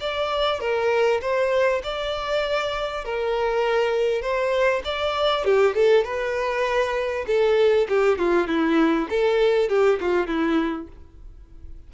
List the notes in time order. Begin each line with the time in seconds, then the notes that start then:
0.00 D5
0.60 A#4
1.21 C5
1.84 D5
3.05 A#4
4.22 C5
4.85 D5
5.45 G4
5.75 A4
6.04 B4
7.27 A4
7.89 G4
8.18 F4
8.48 E4
9.10 A4
9.69 G4
10.01 F4
10.27 E4